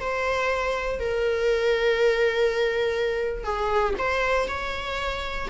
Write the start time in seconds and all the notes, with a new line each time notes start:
0.00 C5
1.00 A#4
3.44 G#4
3.98 C5
4.48 C#5